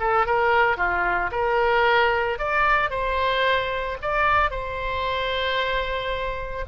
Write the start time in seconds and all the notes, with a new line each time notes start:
0.00 A4
0.26 A#4
0.77 F4
1.32 A#4
2.39 D5
2.90 C5
4.02 D5
4.51 C5